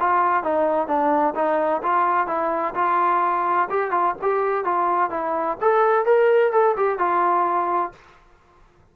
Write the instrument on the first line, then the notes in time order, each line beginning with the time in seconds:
trombone
0.00 F4
0.43 D#4
0.88 D4
1.35 D#4
1.83 F4
2.27 E4
2.75 F4
3.70 G4
3.91 F4
4.22 G4
4.65 F4
5.11 E4
5.61 A4
6.06 A#4
6.52 A4
6.76 G4
6.99 F4